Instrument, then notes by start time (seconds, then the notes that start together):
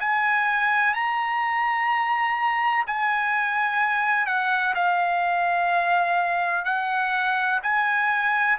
trumpet
0.00 G#5
0.94 A#5
2.87 G#5
4.26 F#5
4.75 F5
6.65 F#5
7.63 G#5